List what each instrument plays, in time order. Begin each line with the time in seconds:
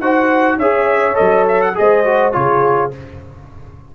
0.00 tuba D#4, trombone F#4, horn C5, trumpet F#5
0.57 tuba C#4, trombone G#4, horn C#5, trumpet E5
1.14 tuba F#3, trombone A4, trumpet D#5
1.48 trumpet E5
1.62 trumpet F#5
1.75 tuba G#3, trombone G#4, horn C5, trumpet D#5
2.05 trombone F#4
2.33 tuba C#3, trombone F4, horn G#4, trumpet C#5